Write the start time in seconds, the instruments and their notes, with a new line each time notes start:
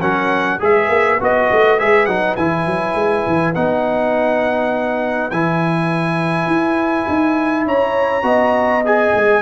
0.00 tuba F#3, trombone C#4, horn A#4, trumpet F#5
0.59 tuba G#3, trombone G#4, horn B4, trumpet E5
0.89 tuba A#3
1.20 tuba B3, trombone F#4, trumpet D#5
1.51 tuba A3
1.78 tuba G#3, trombone G#4, trumpet E5
2.05 tuba F#3, trombone D#4, trumpet F#5
2.36 tuba E3, trombone E4, trumpet G#5
2.66 tuba F#3
2.94 tuba G#3
3.26 tuba E3
3.54 tuba B3, trombone D#4, trumpet F#5
5.30 tuba E3, trombone E4, trumpet G#5
6.46 tuba E4
7.08 tuba D#4
7.65 tuba C#4, horn C#5, trumpet A#5
8.22 tuba B3, trombone F#4, horn D#5
8.85 trombone G#4, trumpet G#5
9.15 tuba G#3